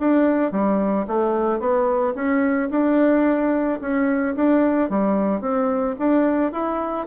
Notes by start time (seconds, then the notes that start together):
0.00 D4
0.52 G3
1.07 A3
1.60 B3
2.15 C#4
2.71 D4
3.81 C#4
4.36 D4
4.90 G3
5.41 C4
5.99 D4
6.53 E4